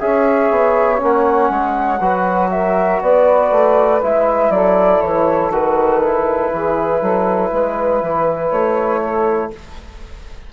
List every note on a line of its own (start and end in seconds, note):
0.00 0.51 C#4
0.00 0.98 G#4
0.00 2.00 C#5
0.00 1.00 E5
0.51 1.01 B3
0.98 1.50 A#3
0.98 1.98 C#4
0.98 2.51 F#5
1.50 2.00 G#3
2.00 3.00 F#3
2.00 4.01 F#4
2.00 2.50 B4
2.51 3.02 A#4
2.51 3.01 E5
3.02 3.51 B3
3.02 4.53 B4
3.02 4.02 D5
3.51 4.01 A3
4.02 4.50 G#3
4.02 5.52 E4
4.02 4.51 E5
4.50 5.00 F#3
4.50 6.52 A4
4.50 5.01 D5
5.01 5.51 E3
5.01 5.51 C#5
5.51 6.51 D#3
5.51 6.02 F#4
5.51 8.50 B4
6.03 9.53 E4
6.53 7.01 E3
6.53 7.00 G#4
7.00 7.51 F#3
7.00 7.50 A4
7.52 8.02 G#3
7.52 9.01 B4
8.02 8.51 E3
8.50 9.51 A3
8.50 9.50 C#5
9.01 9.51 A4